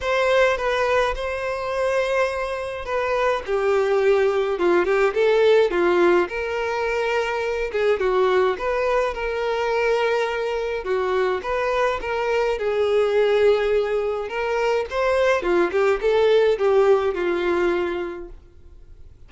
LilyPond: \new Staff \with { instrumentName = "violin" } { \time 4/4 \tempo 4 = 105 c''4 b'4 c''2~ | c''4 b'4 g'2 | f'8 g'8 a'4 f'4 ais'4~ | ais'4. gis'8 fis'4 b'4 |
ais'2. fis'4 | b'4 ais'4 gis'2~ | gis'4 ais'4 c''4 f'8 g'8 | a'4 g'4 f'2 | }